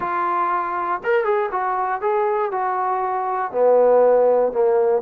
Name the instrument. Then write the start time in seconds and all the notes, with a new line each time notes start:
trombone
0.00 F4
1.03 A#4
1.24 G#4
1.51 F#4
2.01 G#4
2.51 F#4
3.51 B3
4.52 A#3